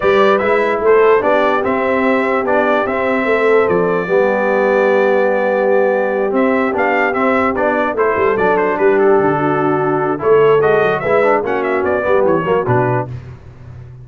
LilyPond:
<<
  \new Staff \with { instrumentName = "trumpet" } { \time 4/4 \tempo 4 = 147 d''4 e''4 c''4 d''4 | e''2 d''4 e''4~ | e''4 d''2.~ | d''2.~ d''8 e''8~ |
e''8 f''4 e''4 d''4 c''8~ | c''8 d''8 c''8 b'8 a'2~ | a'4 cis''4 dis''4 e''4 | fis''8 e''8 d''4 cis''4 b'4 | }
  \new Staff \with { instrumentName = "horn" } { \time 4/4 b'2 a'4 g'4~ | g'1 | a'2 g'2~ | g'1~ |
g'2.~ g'8 a'8~ | a'4. g'4. fis'4~ | fis'4 a'2 b'4 | fis'4. g'4 fis'4. | }
  \new Staff \with { instrumentName = "trombone" } { \time 4/4 g'4 e'2 d'4 | c'2 d'4 c'4~ | c'2 b2~ | b2.~ b8 c'8~ |
c'8 d'4 c'4 d'4 e'8~ | e'8 d'2.~ d'8~ | d'4 e'4 fis'4 e'8 d'8 | cis'4. b4 ais8 d'4 | }
  \new Staff \with { instrumentName = "tuba" } { \time 4/4 g4 gis4 a4 b4 | c'2 b4 c'4 | a4 f4 g2~ | g2.~ g8 c'8~ |
c'8 b4 c'4 b4 a8 | g8 fis4 g4 d4.~ | d4 a4 gis8 fis8 gis4 | ais4 b8 g8 e8 fis8 b,4 | }
>>